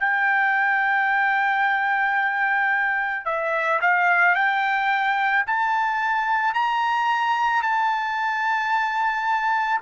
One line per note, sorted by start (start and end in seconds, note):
0.00 3.25 G5
3.25 3.80 E5
3.81 4.36 F5
4.36 5.45 G5
5.47 6.54 A5
6.54 7.63 A#5
7.63 9.81 A5